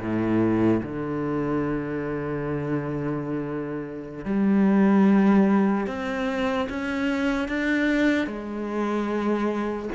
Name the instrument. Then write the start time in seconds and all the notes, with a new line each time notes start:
cello
0.00 A2
0.83 D3
4.25 G3
5.87 C4
6.70 C#4
7.49 D4
8.27 G#3